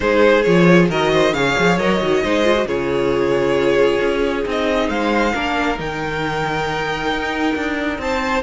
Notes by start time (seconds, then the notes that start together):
0.00 G#3 D#4 G#4 C5
0.42 F3 F4 C#5
0.89 D#3 F#4 A#4 D#5
1.11 C5
1.32 C#3 G#4 C#5 F5
1.58 F3
1.78 F#3 A#4 D#5
2.00 D#3 F#4
2.23 G#3 D#4 C5
2.44 F4
2.55 F#4
2.64 C#3 F4 G#4 C#5
4.00 C#4
4.44 C4 D#4 D#5
4.88 G#3 C5 F5
5.33 A#3 D4 A#4
5.77 D#3 D#4 G5
7.10 D#4
7.55 D4
7.98 C4 C5 A5